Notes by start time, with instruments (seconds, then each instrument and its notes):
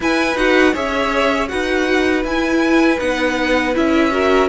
0.00 cello E4, viola E4, violin B4 G#5
0.35 cello D#4, viola F#4, violin F#5
0.73 cello C#4, viola G#4, violin C#5 E5
1.48 cello D#4, viola F#4, violin B4 F#5
2.24 cello E4, viola E4, violin G#5
2.99 cello B3, viola D#4, violin F#5
3.73 cello C#4, viola E4, violin E5
4.10 viola F#4, violin A#4